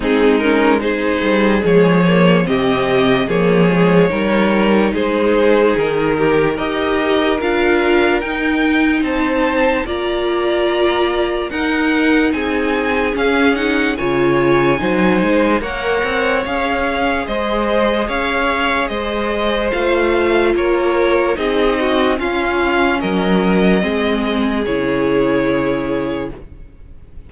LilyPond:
<<
  \new Staff \with { instrumentName = "violin" } { \time 4/4 \tempo 4 = 73 gis'8 ais'8 c''4 cis''4 dis''4 | cis''2 c''4 ais'4 | dis''4 f''4 g''4 a''4 | ais''2 fis''4 gis''4 |
f''8 fis''8 gis''2 fis''4 | f''4 dis''4 f''4 dis''4 | f''4 cis''4 dis''4 f''4 | dis''2 cis''2 | }
  \new Staff \with { instrumentName = "violin" } { \time 4/4 dis'4 gis'2 g'4 | gis'4 ais'4 gis'4. g'8 | ais'2. c''4 | d''2 ais'4 gis'4~ |
gis'4 cis''4 c''4 cis''4~ | cis''4 c''4 cis''4 c''4~ | c''4 ais'4 gis'8 fis'8 f'4 | ais'4 gis'2. | }
  \new Staff \with { instrumentName = "viola" } { \time 4/4 c'8 cis'8 dis'4 gis8 ais8 c'4 | ais8 gis8 dis'2. | g'4 f'4 dis'2 | f'2 dis'2 |
cis'8 dis'8 f'4 dis'4 ais'4 | gis'1 | f'2 dis'4 cis'4~ | cis'4 c'4 e'2 | }
  \new Staff \with { instrumentName = "cello" } { \time 4/4 gis4. g8 f4 c4 | f4 g4 gis4 dis4 | dis'4 d'4 dis'4 c'4 | ais2 dis'4 c'4 |
cis'4 cis4 fis8 gis8 ais8 c'8 | cis'4 gis4 cis'4 gis4 | a4 ais4 c'4 cis'4 | fis4 gis4 cis2 | }
>>